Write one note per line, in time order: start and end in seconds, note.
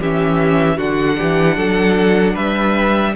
0.00 0.79 E3
0.00 0.78 C#4
0.00 0.77 G4
0.00 0.80 E5
0.77 1.19 D3
0.77 3.14 D4
0.77 1.17 F#4
0.77 2.36 F#5
1.18 1.57 E3
1.18 1.57 G4
1.57 2.36 F#3
1.57 2.34 A4
2.34 3.15 G3
2.34 3.13 B4
2.34 3.15 E5